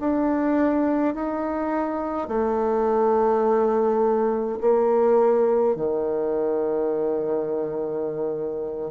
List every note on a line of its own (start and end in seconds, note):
0.00 1.14 D4
1.14 2.28 D#4
2.28 4.59 A3
4.60 5.75 A#3
5.75 8.91 D#3